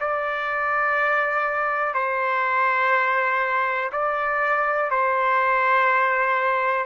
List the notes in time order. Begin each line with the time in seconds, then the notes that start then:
0.00 D5
1.94 C5
3.92 D5
4.90 C5